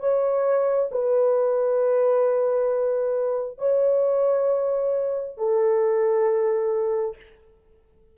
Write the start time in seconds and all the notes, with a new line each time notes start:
0.00 C#5
0.92 B4
3.59 C#5
5.37 A4